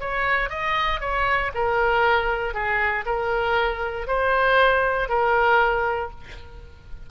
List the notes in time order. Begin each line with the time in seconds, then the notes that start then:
0.00 C#5
0.50 D#5
1.01 C#5
1.55 A#4
2.54 G#4
3.06 A#4
4.07 C5
5.09 A#4